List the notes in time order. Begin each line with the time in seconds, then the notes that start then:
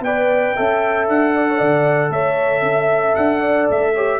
0.00 B3 B4 D5 G5
0.56 C#4 A4 E5
1.08 D4 F#5
1.35 D5
1.48 C#5
1.58 D3 D5
2.10 A3 C#5 E5
2.62 C#4 E5
3.15 D4 F#5
3.39 D5
3.69 A3 E5
3.94 G4 C#5